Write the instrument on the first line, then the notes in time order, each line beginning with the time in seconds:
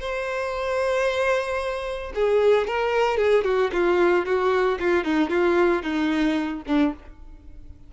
violin
0.00 C5
2.15 G#4
2.67 A#4
3.17 G#4
3.44 F#4
3.72 F4
4.26 F#4
4.80 F4
5.04 D#4
5.30 F4
5.83 D#4
6.67 D4